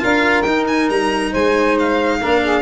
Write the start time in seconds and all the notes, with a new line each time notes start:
0.00 D4 F4 A#4 F5
0.42 D#4 G5
0.67 G#5
0.89 G3 A#5
1.32 G#3 C5 G#5
1.79 F5
2.20 A#3 D4 A#4
2.43 G#4